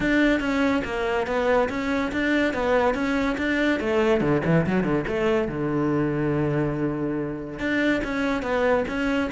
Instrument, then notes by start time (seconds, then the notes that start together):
cello
0.00 D4
0.40 C#4
0.84 A#3
1.26 B3
1.69 C#4
2.12 D4
2.53 B3
2.94 C#4
3.37 D4
3.80 A3
4.20 D3
4.45 E3
4.66 F#3
4.83 D3
5.07 A3
5.47 D3
7.59 D4
8.04 C#4
8.42 B3
8.88 C#4